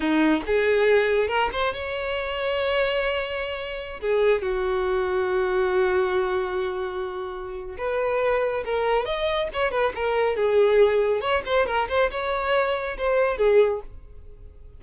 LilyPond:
\new Staff \with { instrumentName = "violin" } { \time 4/4 \tempo 4 = 139 dis'4 gis'2 ais'8 c''8 | cis''1~ | cis''4~ cis''16 gis'4 fis'4.~ fis'16~ | fis'1~ |
fis'2 b'2 | ais'4 dis''4 cis''8 b'8 ais'4 | gis'2 cis''8 c''8 ais'8 c''8 | cis''2 c''4 gis'4 | }